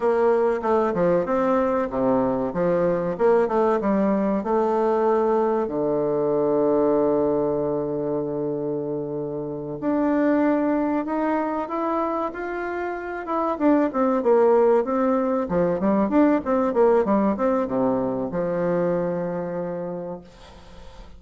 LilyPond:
\new Staff \with { instrumentName = "bassoon" } { \time 4/4 \tempo 4 = 95 ais4 a8 f8 c'4 c4 | f4 ais8 a8 g4 a4~ | a4 d2.~ | d2.~ d8 d'8~ |
d'4. dis'4 e'4 f'8~ | f'4 e'8 d'8 c'8 ais4 c'8~ | c'8 f8 g8 d'8 c'8 ais8 g8 c'8 | c4 f2. | }